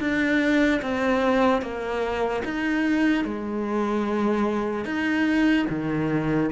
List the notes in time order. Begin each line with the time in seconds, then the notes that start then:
0.00 D4
0.82 C4
1.62 A#3
2.45 D#4
3.25 G#3
4.85 D#4
5.69 D#3